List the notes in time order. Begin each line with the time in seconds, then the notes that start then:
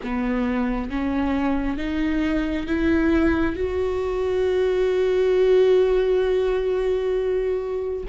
0.03 B3
0.90 C#4
1.77 D#4
2.66 E4
3.55 F#4